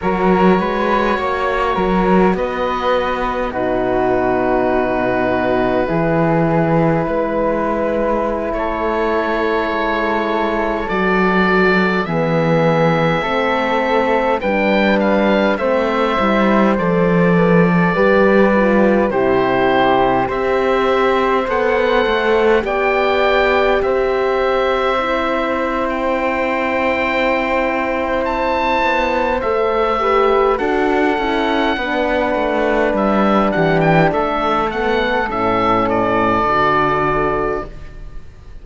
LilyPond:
<<
  \new Staff \with { instrumentName = "oboe" } { \time 4/4 \tempo 4 = 51 cis''2 dis''4 b'4~ | b'2.~ b'16 cis''8.~ | cis''4~ cis''16 d''4 e''4.~ e''16~ | e''16 g''8 f''8 e''4 d''4.~ d''16~ |
d''16 c''4 e''4 fis''4 g''8.~ | g''16 e''4.~ e''16 g''2 | a''4 e''4 fis''2 | e''8 fis''16 g''16 e''8 fis''8 e''8 d''4. | }
  \new Staff \with { instrumentName = "flute" } { \time 4/4 ais'8 b'8 cis''8 ais'8 b'4 fis'4~ | fis'4 gis'4 b'4~ b'16 a'8.~ | a'2~ a'16 gis'4 a'8.~ | a'16 b'4 c''4. b'16 a'16 b'8.~ |
b'16 g'4 c''2 d''8.~ | d''16 c''2.~ c''8.~ | c''4. b'8 a'4 b'4~ | b'8 g'8 a'2. | }
  \new Staff \with { instrumentName = "horn" } { \time 4/4 fis'2. dis'4~ | dis'4 e'2.~ | e'4~ e'16 fis'4 b4 c'8.~ | c'16 d'4 c'8 e'8 a'4 g'8 f'16~ |
f'16 e'4 g'4 a'4 g'8.~ | g'4~ g'16 e'2~ e'8.~ | e'4 a'8 g'8 fis'8 e'8 d'4~ | d'4. b8 cis'4 fis'4 | }
  \new Staff \with { instrumentName = "cello" } { \time 4/4 fis8 gis8 ais8 fis8 b4 b,4~ | b,4 e4 gis4~ gis16 a8.~ | a16 gis4 fis4 e4 a8.~ | a16 g4 a8 g8 f4 g8.~ |
g16 c4 c'4 b8 a8 b8.~ | b16 c'2.~ c'8.~ | c'8 b8 a4 d'8 cis'8 b8 a8 | g8 e8 a4 a,4 d4 | }
>>